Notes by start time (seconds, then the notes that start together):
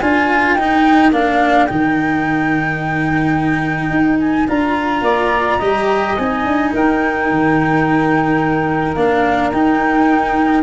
0.00 D4 F4 A#4 G#5
0.55 D#4 G5
1.13 A#3 D4 F5
1.67 D#3 D#4 G5
3.91 D#4
4.20 G#5
4.48 D4 F4 A#5
5.02 A#3 D5
5.59 G3 G4 D#5
6.17 C4 D#4 G#5
6.45 D4
6.73 D#4 A#4 G5
7.30 D#3
8.95 A#3 D4 F5
9.52 D#4 G5